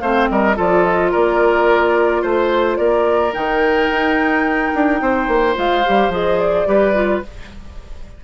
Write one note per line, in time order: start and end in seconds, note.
0.00 0.30 A3
0.00 0.55 C4
0.00 0.29 C5
0.00 0.28 F5
0.30 0.58 G3
0.30 0.56 A#4
0.30 0.57 D#5
0.55 1.14 F3
0.55 3.33 F4
0.55 1.11 A4
0.55 0.83 D5
0.83 1.11 D#5
1.11 2.23 A#3
1.11 2.22 A#4
1.11 2.23 D5
2.22 2.78 A3
2.22 2.78 C5
2.22 2.77 C5
2.77 3.34 A#3
2.77 5.01 A#4
2.77 3.33 D5
3.33 3.89 D#3
3.33 5.55 D#4
3.33 5.56 G5
3.89 4.72 D#4
4.75 5.01 D4
5.01 5.28 C4
5.01 6.69 C5
5.28 5.56 A#3
5.55 5.85 G#3
5.55 5.83 F4
5.55 6.13 F5
5.85 6.09 G3
5.85 6.12 G4
6.09 6.64 F3
6.09 6.66 G#4
6.09 6.39 D#5
6.39 7.23 D5
6.66 7.23 G3
6.66 6.94 G4
6.66 7.24 B4
6.94 7.22 F4